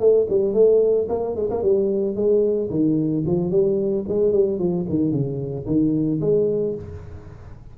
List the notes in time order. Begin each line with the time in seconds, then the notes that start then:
0.00 A3
0.29 G3
0.54 A3
1.09 A#3
1.36 G#3
1.50 A#3
1.62 G3
2.15 G#3
2.70 D#3
3.26 F3
3.51 G3
4.09 G#3
4.32 G3
4.59 F3
4.89 D#3
5.12 C#3
5.66 D#3
6.21 G#3